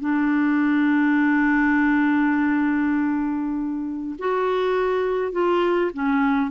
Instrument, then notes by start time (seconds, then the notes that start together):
clarinet
0.00 D4
4.19 F#4
5.32 F4
5.94 C#4